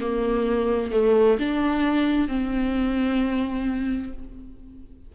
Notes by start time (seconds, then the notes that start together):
0.00 A#3
0.91 A3
1.39 D4
2.28 C4